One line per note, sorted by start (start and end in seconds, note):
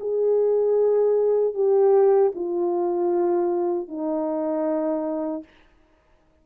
0.00 1.54 G#4
1.54 2.32 G4
2.35 3.88 F4
3.88 5.44 D#4